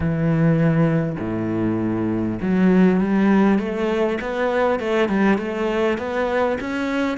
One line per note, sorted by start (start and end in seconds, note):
0.00 1.16 E3
1.19 2.39 A2
2.41 3.00 F#3
3.00 3.58 G3
3.58 4.18 A3
4.21 4.79 B3
4.79 5.08 A3
5.08 5.38 G3
5.38 5.98 A3
5.98 6.58 B3
6.60 7.17 C#4